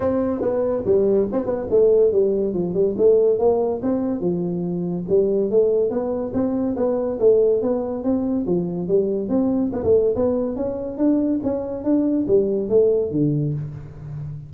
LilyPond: \new Staff \with { instrumentName = "tuba" } { \time 4/4 \tempo 4 = 142 c'4 b4 g4 c'8 b8 | a4 g4 f8 g8 a4 | ais4 c'4 f2 | g4 a4 b4 c'4 |
b4 a4 b4 c'4 | f4 g4 c'4 b16 a8. | b4 cis'4 d'4 cis'4 | d'4 g4 a4 d4 | }